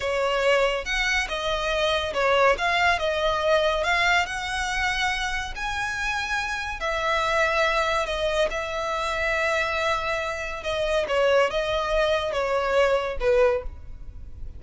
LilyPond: \new Staff \with { instrumentName = "violin" } { \time 4/4 \tempo 4 = 141 cis''2 fis''4 dis''4~ | dis''4 cis''4 f''4 dis''4~ | dis''4 f''4 fis''2~ | fis''4 gis''2. |
e''2. dis''4 | e''1~ | e''4 dis''4 cis''4 dis''4~ | dis''4 cis''2 b'4 | }